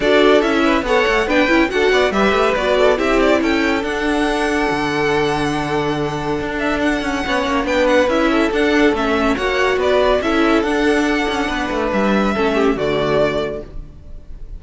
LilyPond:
<<
  \new Staff \with { instrumentName = "violin" } { \time 4/4 \tempo 4 = 141 d''4 e''4 fis''4 g''4 | fis''4 e''4 d''4 e''8 d''8 | g''4 fis''2.~ | fis''2.~ fis''8 e''8 |
fis''2 g''8 fis''8 e''4 | fis''4 e''4 fis''4 d''4 | e''4 fis''2. | e''2 d''2 | }
  \new Staff \with { instrumentName = "violin" } { \time 4/4 a'4. b'8 cis''4 b'4 | a'8 d''8 b'4. a'8 g'4 | a'1~ | a'1~ |
a'4 cis''4 b'4. a'8~ | a'2 cis''4 b'4 | a'2. b'4~ | b'4 a'8 g'8 fis'2 | }
  \new Staff \with { instrumentName = "viola" } { \time 4/4 fis'4 e'4 a'4 d'8 e'8 | fis'4 g'4 fis'4 e'4~ | e'4 d'2.~ | d'1~ |
d'4 cis'4 d'4 e'4 | d'4 cis'4 fis'2 | e'4 d'2.~ | d'4 cis'4 a2 | }
  \new Staff \with { instrumentName = "cello" } { \time 4/4 d'4 cis'4 b8 a8 b8 cis'8 | d'8 b8 g8 a8 b4 c'4 | cis'4 d'2 d4~ | d2. d'4~ |
d'8 cis'8 b8 ais8 b4 cis'4 | d'4 a4 ais4 b4 | cis'4 d'4. cis'8 b8 a8 | g4 a4 d2 | }
>>